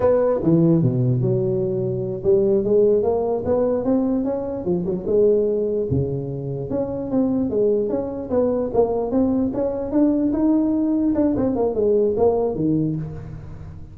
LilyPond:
\new Staff \with { instrumentName = "tuba" } { \time 4/4 \tempo 4 = 148 b4 e4 b,4 fis4~ | fis4. g4 gis4 ais8~ | ais8 b4 c'4 cis'4 f8 | fis8 gis2 cis4.~ |
cis8 cis'4 c'4 gis4 cis'8~ | cis'8 b4 ais4 c'4 cis'8~ | cis'8 d'4 dis'2 d'8 | c'8 ais8 gis4 ais4 dis4 | }